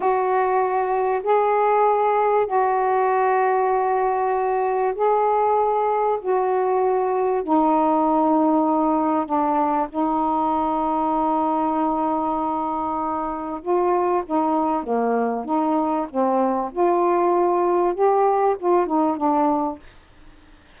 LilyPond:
\new Staff \with { instrumentName = "saxophone" } { \time 4/4 \tempo 4 = 97 fis'2 gis'2 | fis'1 | gis'2 fis'2 | dis'2. d'4 |
dis'1~ | dis'2 f'4 dis'4 | ais4 dis'4 c'4 f'4~ | f'4 g'4 f'8 dis'8 d'4 | }